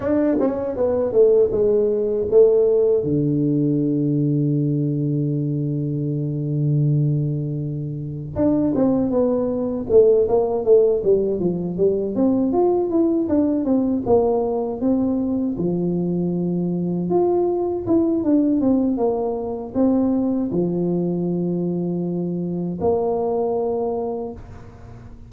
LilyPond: \new Staff \with { instrumentName = "tuba" } { \time 4/4 \tempo 4 = 79 d'8 cis'8 b8 a8 gis4 a4 | d1~ | d2. d'8 c'8 | b4 a8 ais8 a8 g8 f8 g8 |
c'8 f'8 e'8 d'8 c'8 ais4 c'8~ | c'8 f2 f'4 e'8 | d'8 c'8 ais4 c'4 f4~ | f2 ais2 | }